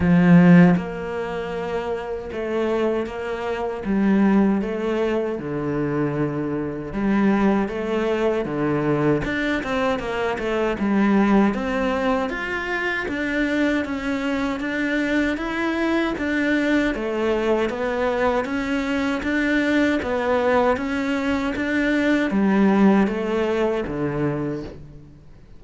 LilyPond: \new Staff \with { instrumentName = "cello" } { \time 4/4 \tempo 4 = 78 f4 ais2 a4 | ais4 g4 a4 d4~ | d4 g4 a4 d4 | d'8 c'8 ais8 a8 g4 c'4 |
f'4 d'4 cis'4 d'4 | e'4 d'4 a4 b4 | cis'4 d'4 b4 cis'4 | d'4 g4 a4 d4 | }